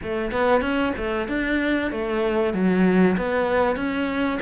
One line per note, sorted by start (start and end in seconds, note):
0.02 0.31 A3
0.31 0.61 B3
0.61 0.92 C#4
0.97 1.28 A3
1.28 1.91 D4
1.91 2.53 A3
2.53 3.16 F#3
3.17 3.76 B3
3.76 4.39 C#4